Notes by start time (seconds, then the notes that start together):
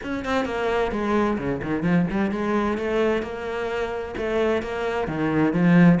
0.03 C#4
0.24 C4
0.45 A#3
0.91 G#3
1.38 C#3
1.62 D#3
1.83 F3
2.10 G3
2.31 G#3
2.77 A3
3.22 A#3
4.17 A3
4.62 A#3
5.07 D#3
5.53 F3